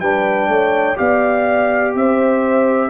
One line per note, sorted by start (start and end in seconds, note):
0.00 0.48 G3
0.00 0.96 D4
0.00 0.49 B4
0.00 0.97 G5
0.48 0.96 A3
0.48 0.98 C#5
0.96 1.95 B3
0.96 2.90 G4
0.96 1.96 D5
0.96 1.94 F5
1.95 2.90 C4
1.95 2.90 C5
1.95 2.90 E5